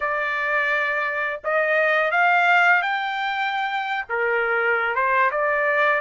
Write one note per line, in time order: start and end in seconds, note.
0.00 1.41 D5
1.44 2.11 D#5
2.11 2.81 F5
2.81 4.05 G5
4.09 4.95 A#4
4.95 5.30 C5
5.31 6.01 D5